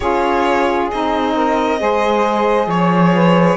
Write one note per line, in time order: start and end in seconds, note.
0.00 0.91 C#4
0.00 0.91 F4
0.00 1.34 G#4
0.00 0.88 C#5
0.91 1.80 C4
0.91 1.79 D#4
0.91 2.70 D#5
1.35 1.80 A#4
1.79 2.66 G#3
1.79 3.56 G#4
1.79 2.67 C5
2.66 3.56 F3
2.66 3.12 C#5
2.66 3.56 C#5
3.14 3.56 B4